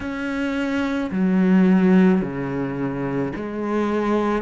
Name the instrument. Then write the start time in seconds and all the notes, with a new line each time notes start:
cello
0.00 C#4
1.11 F#3
2.21 C#3
3.35 G#3